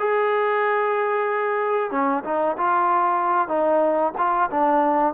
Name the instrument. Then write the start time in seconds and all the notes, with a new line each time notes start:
trombone
0.00 G#4
1.91 C#4
2.25 D#4
2.58 F4
3.49 D#4
4.18 F4
4.51 D4